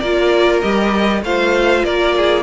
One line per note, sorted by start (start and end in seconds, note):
0.00 0.63 A#3
0.00 0.63 F4
0.00 1.22 A#4
0.00 0.61 D5
0.62 1.23 G3
0.62 1.24 G4
0.62 1.22 D#5
1.23 1.84 A3
1.23 2.43 F4
1.23 1.85 C5
1.23 1.85 F5
1.85 2.43 A#3
1.85 2.15 A#4
1.85 2.43 D5
2.17 2.43 G#4